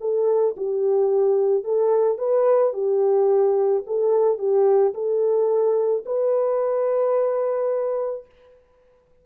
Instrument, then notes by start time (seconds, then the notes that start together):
horn
0.00 A4
0.57 G4
1.64 A4
2.18 B4
2.73 G4
3.86 A4
4.38 G4
4.94 A4
6.05 B4